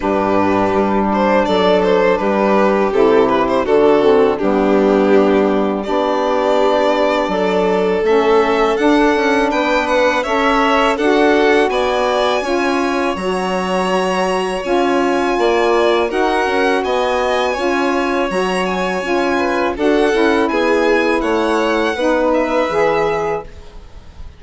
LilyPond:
<<
  \new Staff \with { instrumentName = "violin" } { \time 4/4 \tempo 4 = 82 b'4. c''8 d''8 c''8 b'4 | a'8 b'16 c''16 a'4 g'2 | d''2. e''4 | fis''4 g''8 fis''8 e''4 fis''4 |
gis''2 ais''2 | gis''2 fis''4 gis''4~ | gis''4 ais''8 gis''4. fis''4 | gis''4 fis''4. e''4. | }
  \new Staff \with { instrumentName = "violin" } { \time 4/4 g'2 a'4 g'4~ | g'4 fis'4 d'2 | g'2 a'2~ | a'4 b'4 cis''4 a'4 |
d''4 cis''2.~ | cis''4 d''4 ais'4 dis''4 | cis''2~ cis''8 b'8 a'4 | gis'4 cis''4 b'2 | }
  \new Staff \with { instrumentName = "saxophone" } { \time 4/4 d'1 | e'4 d'8 c'8 b2 | d'2. cis'4 | d'2 a'4 fis'4~ |
fis'4 f'4 fis'2 | f'2 fis'2 | f'4 fis'4 f'4 fis'8 e'8~ | e'2 dis'4 gis'4 | }
  \new Staff \with { instrumentName = "bassoon" } { \time 4/4 g,4 g4 fis4 g4 | c4 d4 g2 | b2 fis4 a4 | d'8 cis'8 b4 cis'4 d'4 |
b4 cis'4 fis2 | cis'4 ais4 dis'8 cis'8 b4 | cis'4 fis4 cis'4 d'8 cis'8 | b4 a4 b4 e4 | }
>>